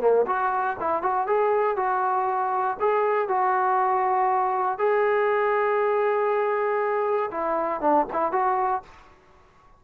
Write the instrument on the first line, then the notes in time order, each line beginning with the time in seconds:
trombone
0.00 A#3
0.26 F#4
0.80 E4
1.02 F#4
1.26 G#4
1.76 F#4
2.80 G#4
3.28 F#4
4.78 G#4
7.31 E4
7.80 D4
8.12 E4
8.31 F#4